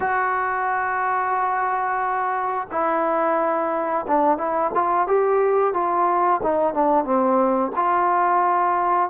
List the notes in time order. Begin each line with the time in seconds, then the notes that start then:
0.00 F#4
2.71 E4
4.07 D4
4.37 E4
4.74 F4
5.07 G4
5.73 F4
6.42 D#4
6.74 D4
7.04 C4
7.75 F4